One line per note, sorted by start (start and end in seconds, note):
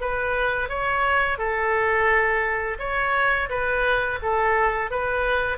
0.00 0.69 B4
0.69 1.38 C#5
1.38 2.77 A4
2.79 3.49 C#5
3.49 4.19 B4
4.22 4.90 A4
4.90 5.58 B4